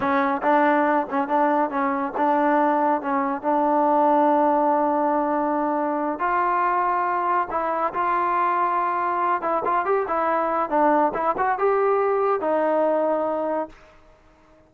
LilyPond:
\new Staff \with { instrumentName = "trombone" } { \time 4/4 \tempo 4 = 140 cis'4 d'4. cis'8 d'4 | cis'4 d'2 cis'4 | d'1~ | d'2~ d'8 f'4.~ |
f'4. e'4 f'4.~ | f'2 e'8 f'8 g'8 e'8~ | e'4 d'4 e'8 fis'8 g'4~ | g'4 dis'2. | }